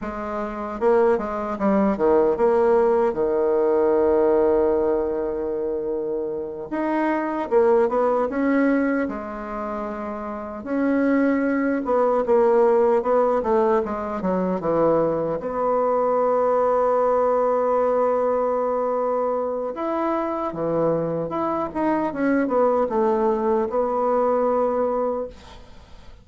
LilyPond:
\new Staff \with { instrumentName = "bassoon" } { \time 4/4 \tempo 4 = 76 gis4 ais8 gis8 g8 dis8 ais4 | dis1~ | dis8 dis'4 ais8 b8 cis'4 gis8~ | gis4. cis'4. b8 ais8~ |
ais8 b8 a8 gis8 fis8 e4 b8~ | b1~ | b4 e'4 e4 e'8 dis'8 | cis'8 b8 a4 b2 | }